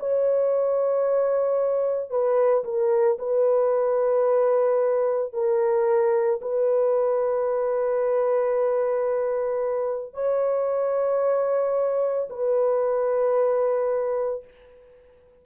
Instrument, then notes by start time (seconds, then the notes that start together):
horn
0.00 C#5
2.10 B4
2.64 A#4
3.19 B4
5.34 A#4
6.42 B4
10.14 C#5
12.30 B4